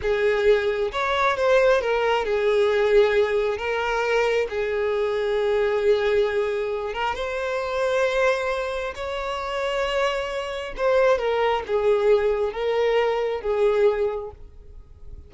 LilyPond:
\new Staff \with { instrumentName = "violin" } { \time 4/4 \tempo 4 = 134 gis'2 cis''4 c''4 | ais'4 gis'2. | ais'2 gis'2~ | gis'2.~ gis'8 ais'8 |
c''1 | cis''1 | c''4 ais'4 gis'2 | ais'2 gis'2 | }